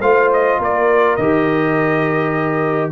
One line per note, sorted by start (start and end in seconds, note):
0.00 0.58 A3
0.00 1.18 F4
0.00 0.58 C5
0.00 0.30 F5
0.33 0.62 D#5
0.58 1.17 A#3
0.58 2.91 A#4
0.58 1.16 D5
1.16 2.91 D#3
1.16 2.91 G4
1.16 2.91 D#5